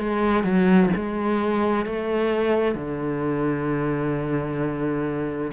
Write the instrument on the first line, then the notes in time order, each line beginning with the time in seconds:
cello
0.00 G#3
0.44 F#3
0.96 G#3
1.86 A3
2.75 D3